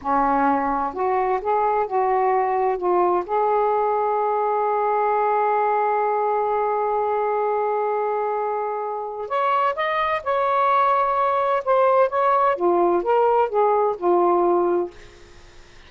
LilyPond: \new Staff \with { instrumentName = "saxophone" } { \time 4/4 \tempo 4 = 129 cis'2 fis'4 gis'4 | fis'2 f'4 gis'4~ | gis'1~ | gis'1~ |
gis'1 | cis''4 dis''4 cis''2~ | cis''4 c''4 cis''4 f'4 | ais'4 gis'4 f'2 | }